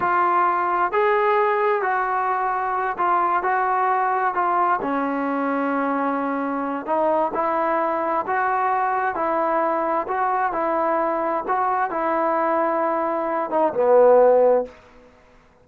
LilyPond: \new Staff \with { instrumentName = "trombone" } { \time 4/4 \tempo 4 = 131 f'2 gis'2 | fis'2~ fis'8 f'4 fis'8~ | fis'4. f'4 cis'4.~ | cis'2. dis'4 |
e'2 fis'2 | e'2 fis'4 e'4~ | e'4 fis'4 e'2~ | e'4. dis'8 b2 | }